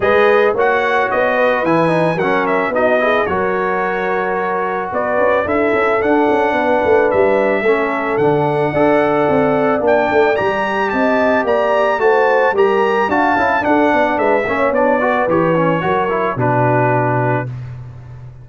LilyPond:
<<
  \new Staff \with { instrumentName = "trumpet" } { \time 4/4 \tempo 4 = 110 dis''4 fis''4 dis''4 gis''4 | fis''8 e''8 dis''4 cis''2~ | cis''4 d''4 e''4 fis''4~ | fis''4 e''2 fis''4~ |
fis''2 g''4 ais''4 | a''4 ais''4 a''4 ais''4 | a''4 fis''4 e''4 d''4 | cis''2 b'2 | }
  \new Staff \with { instrumentName = "horn" } { \time 4/4 b'4 cis''4. b'4. | ais'4 fis'8 gis'8 ais'2~ | ais'4 b'4 a'2 | b'2 a'2 |
d''1 | dis''4 d''4 c''4 ais'4 | f''4 a'8 d''8 b'8 cis''4 b'8~ | b'4 ais'4 fis'2 | }
  \new Staff \with { instrumentName = "trombone" } { \time 4/4 gis'4 fis'2 e'8 dis'8 | cis'4 dis'8 e'8 fis'2~ | fis'2 e'4 d'4~ | d'2 cis'4 d'4 |
a'2 d'4 g'4~ | g'2 fis'4 g'4 | fis'8 e'8 d'4. cis'8 d'8 fis'8 | g'8 cis'8 fis'8 e'8 d'2 | }
  \new Staff \with { instrumentName = "tuba" } { \time 4/4 gis4 ais4 b4 e4 | fis4 b4 fis2~ | fis4 b8 cis'8 d'8 cis'8 d'8 cis'8 | b8 a8 g4 a4 d4 |
d'4 c'4 ais8 a8 g4 | c'4 ais4 a4 g4 | d'8 cis'8 d'8 b8 gis8 ais8 b4 | e4 fis4 b,2 | }
>>